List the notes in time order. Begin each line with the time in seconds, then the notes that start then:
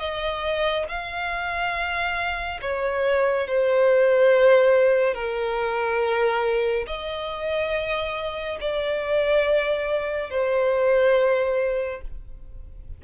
0.00 D#5
0.89 F5
2.62 C#5
3.48 C5
5.15 A#4
6.88 D#5
8.61 D5
10.31 C5